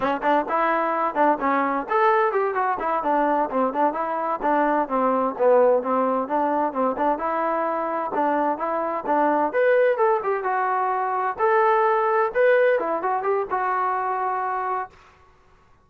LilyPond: \new Staff \with { instrumentName = "trombone" } { \time 4/4 \tempo 4 = 129 cis'8 d'8 e'4. d'8 cis'4 | a'4 g'8 fis'8 e'8 d'4 c'8 | d'8 e'4 d'4 c'4 b8~ | b8 c'4 d'4 c'8 d'8 e'8~ |
e'4. d'4 e'4 d'8~ | d'8 b'4 a'8 g'8 fis'4.~ | fis'8 a'2 b'4 e'8 | fis'8 g'8 fis'2. | }